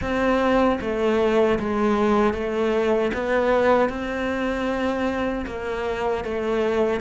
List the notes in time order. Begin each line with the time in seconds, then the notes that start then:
0.01 C4
0.80 A3
1.59 G#3
2.33 A3
3.13 B3
3.89 C4
5.46 A#3
6.24 A3